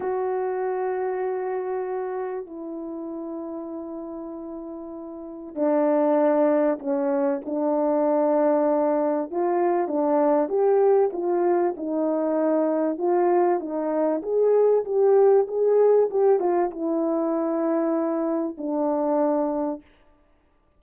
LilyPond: \new Staff \with { instrumentName = "horn" } { \time 4/4 \tempo 4 = 97 fis'1 | e'1~ | e'4 d'2 cis'4 | d'2. f'4 |
d'4 g'4 f'4 dis'4~ | dis'4 f'4 dis'4 gis'4 | g'4 gis'4 g'8 f'8 e'4~ | e'2 d'2 | }